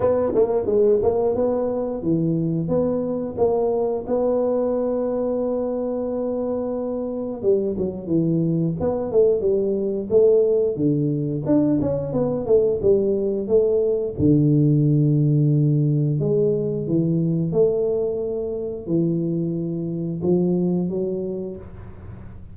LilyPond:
\new Staff \with { instrumentName = "tuba" } { \time 4/4 \tempo 4 = 89 b8 ais8 gis8 ais8 b4 e4 | b4 ais4 b2~ | b2. g8 fis8 | e4 b8 a8 g4 a4 |
d4 d'8 cis'8 b8 a8 g4 | a4 d2. | gis4 e4 a2 | e2 f4 fis4 | }